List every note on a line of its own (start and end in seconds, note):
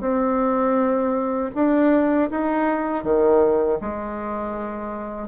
0.00 1.50 C4
1.54 2.29 D4
2.30 3.03 D#4
3.03 3.78 D#3
3.80 5.28 G#3